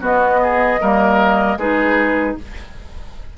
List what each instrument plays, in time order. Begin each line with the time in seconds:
0.00 clarinet B3, bassoon B3, oboe F#4, flute D#5
0.42 oboe G#4
0.80 bassoon G3, clarinet A#3, oboe A#4
1.56 bassoon G#3, clarinet D#4, oboe G#4, flute B4